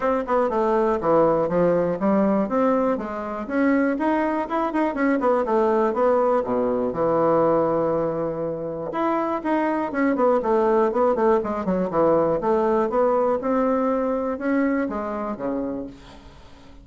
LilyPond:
\new Staff \with { instrumentName = "bassoon" } { \time 4/4 \tempo 4 = 121 c'8 b8 a4 e4 f4 | g4 c'4 gis4 cis'4 | dis'4 e'8 dis'8 cis'8 b8 a4 | b4 b,4 e2~ |
e2 e'4 dis'4 | cis'8 b8 a4 b8 a8 gis8 fis8 | e4 a4 b4 c'4~ | c'4 cis'4 gis4 cis4 | }